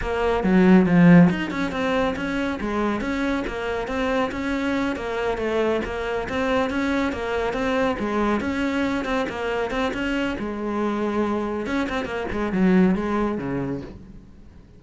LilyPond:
\new Staff \with { instrumentName = "cello" } { \time 4/4 \tempo 4 = 139 ais4 fis4 f4 dis'8 cis'8 | c'4 cis'4 gis4 cis'4 | ais4 c'4 cis'4. ais8~ | ais8 a4 ais4 c'4 cis'8~ |
cis'8 ais4 c'4 gis4 cis'8~ | cis'4 c'8 ais4 c'8 cis'4 | gis2. cis'8 c'8 | ais8 gis8 fis4 gis4 cis4 | }